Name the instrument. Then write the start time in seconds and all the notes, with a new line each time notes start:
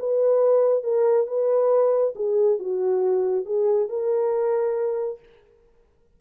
horn
0.00 B4
0.84 A#4
1.27 B4
2.16 G#4
2.59 F#4
3.46 G#4
3.90 A#4